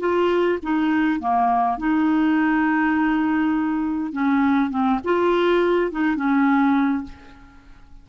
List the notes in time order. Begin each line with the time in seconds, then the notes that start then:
0.00 F4
0.63 D#4
1.20 A#3
1.78 D#4
4.12 C#4
4.71 C4
5.05 F4
5.92 D#4
6.16 C#4